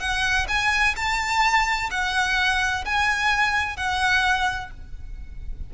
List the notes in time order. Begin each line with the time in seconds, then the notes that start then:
0.00 F#5
0.49 G#5
0.97 A5
1.91 F#5
2.86 G#5
3.77 F#5